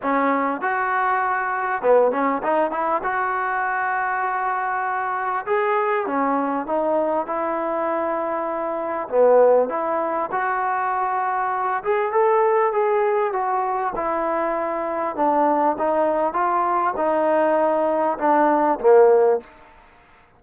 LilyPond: \new Staff \with { instrumentName = "trombone" } { \time 4/4 \tempo 4 = 99 cis'4 fis'2 b8 cis'8 | dis'8 e'8 fis'2.~ | fis'4 gis'4 cis'4 dis'4 | e'2. b4 |
e'4 fis'2~ fis'8 gis'8 | a'4 gis'4 fis'4 e'4~ | e'4 d'4 dis'4 f'4 | dis'2 d'4 ais4 | }